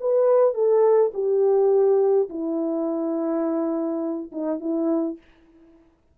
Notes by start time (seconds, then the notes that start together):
0.00 B4
0.54 A4
1.14 G4
2.29 E4
4.32 D#4
4.60 E4